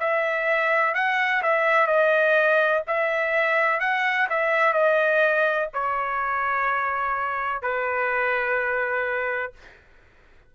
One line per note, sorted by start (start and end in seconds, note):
0.00 0.95 E5
0.95 1.42 F#5
1.43 1.87 E5
1.87 2.83 D#5
2.88 3.81 E5
3.81 4.28 F#5
4.30 4.74 E5
4.74 5.69 D#5
5.74 7.62 C#5
7.62 9.53 B4